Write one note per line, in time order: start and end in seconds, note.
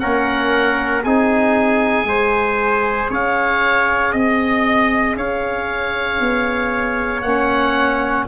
0.00 1.05 A#3
0.00 1.04 C#4
0.00 1.05 A#4
0.00 1.03 F#5
1.04 2.05 C4
1.04 2.05 D#4
1.04 2.09 G#4
1.04 3.11 G#5
2.05 3.08 G#3
2.05 7.23 G#4
2.05 3.10 C5
3.10 4.13 C#4
3.10 4.12 C#5
3.10 4.16 F5
4.12 5.16 C4
4.12 5.16 D#5
4.12 5.17 D#5
5.16 6.20 C#4
5.16 8.28 C#5
5.16 7.22 F5
6.20 7.23 B3
7.22 8.26 A#3
7.22 8.28 C#4
7.22 8.25 F#5